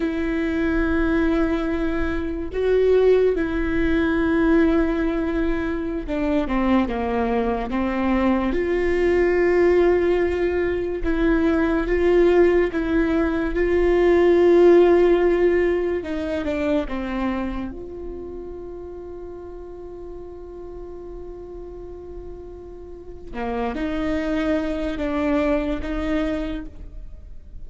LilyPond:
\new Staff \with { instrumentName = "viola" } { \time 4/4 \tempo 4 = 72 e'2. fis'4 | e'2.~ e'16 d'8 c'16~ | c'16 ais4 c'4 f'4.~ f'16~ | f'4~ f'16 e'4 f'4 e'8.~ |
e'16 f'2. dis'8 d'16~ | d'16 c'4 f'2~ f'8.~ | f'1 | ais8 dis'4. d'4 dis'4 | }